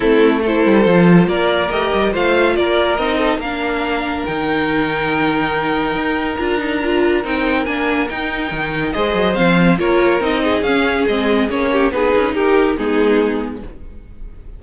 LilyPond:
<<
  \new Staff \with { instrumentName = "violin" } { \time 4/4 \tempo 4 = 141 a'4 c''2 d''4 | dis''4 f''4 d''4 dis''4 | f''2 g''2~ | g''2. ais''4~ |
ais''4 g''4 gis''4 g''4~ | g''4 dis''4 f''4 cis''4 | dis''4 f''4 dis''4 cis''4 | b'4 ais'4 gis'2 | }
  \new Staff \with { instrumentName = "violin" } { \time 4/4 e'4 a'2 ais'4~ | ais'4 c''4 ais'4. a'8 | ais'1~ | ais'1~ |
ais'1~ | ais'4 c''2 ais'4~ | ais'8 gis'2. g'8 | gis'4 g'4 dis'2 | }
  \new Staff \with { instrumentName = "viola" } { \time 4/4 c'4 e'4 f'2 | g'4 f'2 dis'4 | d'2 dis'2~ | dis'2. f'8 dis'8 |
f'4 dis'4 d'4 dis'4~ | dis'4 gis'4 c'4 f'4 | dis'4 cis'4 c'4 cis'4 | dis'2 b2 | }
  \new Staff \with { instrumentName = "cello" } { \time 4/4 a4. g8 f4 ais4 | a8 g8 a4 ais4 c'4 | ais2 dis2~ | dis2 dis'4 d'4~ |
d'4 c'4 ais4 dis'4 | dis4 gis8 fis8 f4 ais4 | c'4 cis'4 gis4 ais4 | b8 cis'8 dis'4 gis2 | }
>>